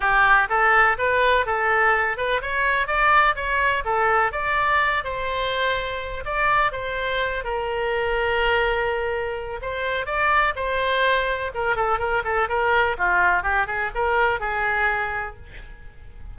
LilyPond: \new Staff \with { instrumentName = "oboe" } { \time 4/4 \tempo 4 = 125 g'4 a'4 b'4 a'4~ | a'8 b'8 cis''4 d''4 cis''4 | a'4 d''4. c''4.~ | c''4 d''4 c''4. ais'8~ |
ais'1 | c''4 d''4 c''2 | ais'8 a'8 ais'8 a'8 ais'4 f'4 | g'8 gis'8 ais'4 gis'2 | }